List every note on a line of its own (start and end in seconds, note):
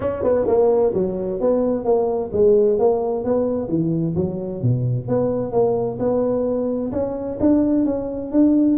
0.00 0.23 C#4
0.23 0.46 B3
0.47 0.93 A#3
0.94 1.40 F#3
1.40 1.84 B3
1.84 2.31 A#3
2.32 2.78 G#3
2.78 3.24 A#3
3.24 3.68 B3
3.68 4.14 E3
4.15 4.62 F#3
4.62 5.08 B2
5.08 5.52 B3
5.52 5.98 A#3
5.99 6.91 B3
6.92 7.38 C#4
7.40 7.85 D4
7.85 8.31 C#4
8.31 8.78 D4